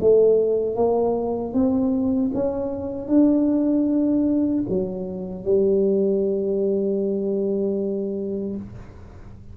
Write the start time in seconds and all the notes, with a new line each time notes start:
0.00 A3
0.75 A#3
1.53 C4
2.34 C#4
3.08 D4
4.69 F#3
5.44 G3